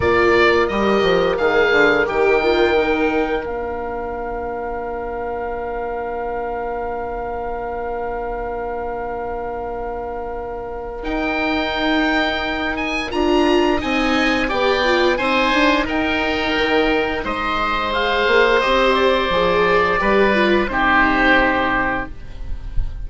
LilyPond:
<<
  \new Staff \with { instrumentName = "oboe" } { \time 4/4 \tempo 4 = 87 d''4 dis''4 f''4 g''4~ | g''4 f''2.~ | f''1~ | f''1 |
g''2~ g''8 gis''8 ais''4 | gis''4 g''4 gis''4 g''4~ | g''4 dis''4 f''4 dis''8 d''8~ | d''2 c''2 | }
  \new Staff \with { instrumentName = "oboe" } { \time 4/4 ais'1~ | ais'1~ | ais'1~ | ais'1~ |
ais'1 | dis''4 d''4 c''4 ais'4~ | ais'4 c''2.~ | c''4 b'4 g'2 | }
  \new Staff \with { instrumentName = "viola" } { \time 4/4 f'4 g'4 gis'4 g'8 f'8 | dis'4 d'2.~ | d'1~ | d'1 |
dis'2. f'4 | dis'4 g'8 f'8 dis'2~ | dis'2 gis'4 g'4 | gis'4 g'8 f'8 dis'2 | }
  \new Staff \with { instrumentName = "bassoon" } { \time 4/4 ais4 g8 f8 dis8 d8 dis4~ | dis4 ais2.~ | ais1~ | ais1 |
dis'2. d'4 | c'4 b4 c'8 d'8 dis'4 | dis4 gis4. ais8 c'4 | f4 g4 c2 | }
>>